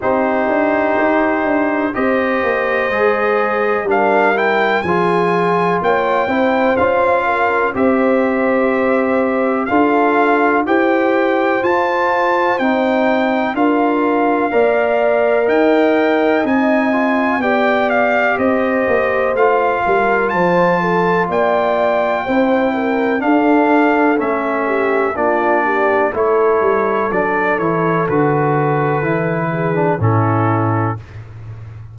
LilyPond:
<<
  \new Staff \with { instrumentName = "trumpet" } { \time 4/4 \tempo 4 = 62 c''2 dis''2 | f''8 g''8 gis''4 g''4 f''4 | e''2 f''4 g''4 | a''4 g''4 f''2 |
g''4 gis''4 g''8 f''8 dis''4 | f''4 a''4 g''2 | f''4 e''4 d''4 cis''4 | d''8 cis''8 b'2 a'4 | }
  \new Staff \with { instrumentName = "horn" } { \time 4/4 g'2 c''2 | ais'4 gis'4 cis''8 c''4 ais'8 | c''2 a'4 c''4~ | c''2 ais'4 d''4 |
dis''2 d''4 c''4~ | c''8 ais'8 c''8 a'8 d''4 c''8 ais'8 | a'4. g'8 f'8 g'8 a'4~ | a'2~ a'8 gis'8 e'4 | }
  \new Staff \with { instrumentName = "trombone" } { \time 4/4 dis'2 g'4 gis'4 | d'8 e'8 f'4. e'8 f'4 | g'2 f'4 g'4 | f'4 dis'4 f'4 ais'4~ |
ais'4 dis'8 f'8 g'2 | f'2. e'4 | d'4 cis'4 d'4 e'4 | d'8 e'8 fis'4 e'8. d'16 cis'4 | }
  \new Staff \with { instrumentName = "tuba" } { \time 4/4 c'8 d'8 dis'8 d'8 c'8 ais8 gis4 | g4 f4 ais8 c'8 cis'4 | c'2 d'4 e'4 | f'4 c'4 d'4 ais4 |
dis'4 c'4 b4 c'8 ais8 | a8 g8 f4 ais4 c'4 | d'4 a4 ais4 a8 g8 | fis8 e8 d4 e4 a,4 | }
>>